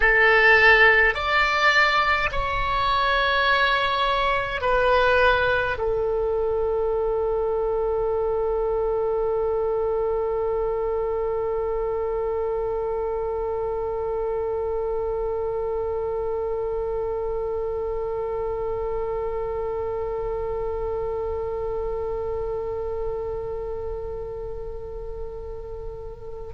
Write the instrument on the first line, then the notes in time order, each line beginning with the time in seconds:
oboe
0.00 A4
1.14 D5
2.31 C#5
4.61 B4
5.77 A4